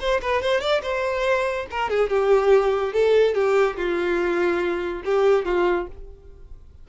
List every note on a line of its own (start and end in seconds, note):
0.00 0.21 C5
0.22 0.42 B4
0.42 0.61 C5
0.61 0.82 D5
0.83 1.66 C5
1.71 1.90 A#4
1.90 2.10 G#4
2.10 2.93 G4
2.93 3.35 A4
3.35 3.76 G4
3.77 5.03 F4
5.05 5.45 G4
5.45 5.87 F4